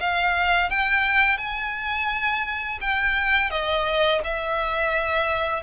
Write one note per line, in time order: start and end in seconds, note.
0.00 0.70 F5
0.70 1.38 G5
1.38 2.79 G#5
2.81 3.51 G5
3.51 4.21 D#5
4.24 5.63 E5